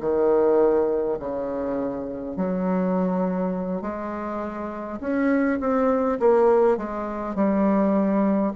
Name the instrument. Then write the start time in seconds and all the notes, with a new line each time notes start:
bassoon
0.00 D#3
1.19 C#3
2.36 F#3
3.81 G#3
5.00 C#4
5.60 C4
6.19 A#3
6.77 G#3
7.35 G3